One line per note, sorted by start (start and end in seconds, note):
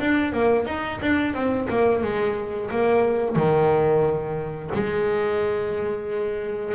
0.00 0.33 D4
0.33 0.66 A#3
0.66 1.00 D#4
1.02 1.34 D4
1.34 1.68 C4
1.70 2.03 A#3
2.03 2.71 G#3
2.71 3.36 A#3
3.36 4.71 D#3
4.74 6.75 G#3